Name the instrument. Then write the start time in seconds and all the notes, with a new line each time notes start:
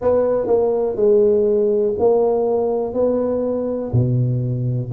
tuba
0.01 B3
0.46 A#3
0.96 G#3
1.99 A#3
2.93 B3
3.92 B2